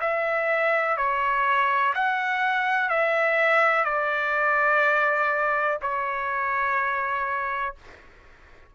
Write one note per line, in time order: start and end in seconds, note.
0.00 0.96 E5
0.96 1.93 C#5
1.94 2.89 F#5
2.89 3.84 E5
3.84 5.78 D5
5.81 7.75 C#5